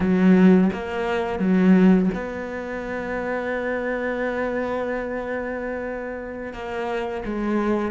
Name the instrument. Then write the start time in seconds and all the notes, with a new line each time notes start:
cello
0.00 F#3
0.73 A#3
1.39 F#3
2.14 B3
6.53 A#3
7.25 G#3